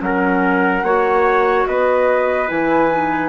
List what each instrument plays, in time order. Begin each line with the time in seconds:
0.00 bassoon F#3, clarinet C#4, trumpet A#4, flute F#5
0.83 bassoon A#3, clarinet F#4, trumpet C#5
1.67 bassoon B3, trumpet B4, flute D#5
2.48 bassoon E3, clarinet E4, flute G#5
2.91 clarinet D#4